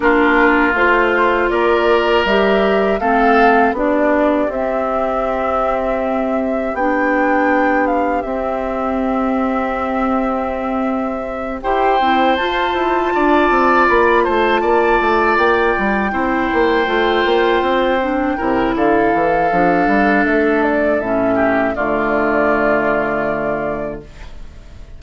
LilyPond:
<<
  \new Staff \with { instrumentName = "flute" } { \time 4/4 \tempo 4 = 80 ais'4 c''4 d''4 e''4 | f''4 d''4 e''2~ | e''4 g''4. f''8 e''4~ | e''2.~ e''8 g''8~ |
g''8 a''2 b''8 a''4~ | a''8 g''2.~ g''8~ | g''4 f''2 e''8 d''8 | e''4 d''2. | }
  \new Staff \with { instrumentName = "oboe" } { \time 4/4 f'2 ais'2 | a'4 g'2.~ | g'1~ | g'2.~ g'8 c''8~ |
c''4. d''4. c''8 d''8~ | d''4. c''2~ c''8~ | c''8 ais'8 a'2.~ | a'8 g'8 f'2. | }
  \new Staff \with { instrumentName = "clarinet" } { \time 4/4 d'4 f'2 g'4 | c'4 d'4 c'2~ | c'4 d'2 c'4~ | c'2.~ c'8 g'8 |
e'8 f'2.~ f'8~ | f'4. e'4 f'4. | d'8 e'4. d'2 | cis'4 a2. | }
  \new Staff \with { instrumentName = "bassoon" } { \time 4/4 ais4 a4 ais4 g4 | a4 b4 c'2~ | c'4 b2 c'4~ | c'2.~ c'8 e'8 |
c'8 f'8 e'8 d'8 c'8 ais8 a8 ais8 | a8 ais8 g8 c'8 ais8 a8 ais8 c'8~ | c'8 c8 d8 e8 f8 g8 a4 | a,4 d2. | }
>>